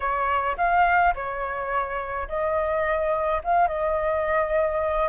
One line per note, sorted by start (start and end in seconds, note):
0.00 0.56 C#5
0.57 1.13 F5
1.14 2.27 C#5
2.28 3.41 D#5
3.43 3.67 F5
3.67 5.09 D#5